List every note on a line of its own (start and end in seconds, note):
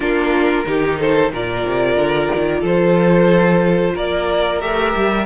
0.00 0.65 A#3
0.00 0.65 D4
0.00 0.65 F4
0.00 0.98 A#4
0.66 1.31 D#3
0.66 1.32 D#4
0.66 0.99 G4
0.99 1.32 A4
0.99 1.32 C5
1.31 1.64 A#2
1.31 4.60 F4
1.31 2.61 A#4
1.31 2.65 D5
1.65 1.96 C3
1.96 2.29 D3
2.34 2.63 D#3
2.61 3.95 F3
2.61 3.92 A4
2.61 3.96 C5
3.94 4.61 A#3
3.94 5.26 A#4
3.94 4.61 D5
4.60 4.94 A3
4.60 5.26 G4
4.60 5.26 E5
4.95 5.26 G3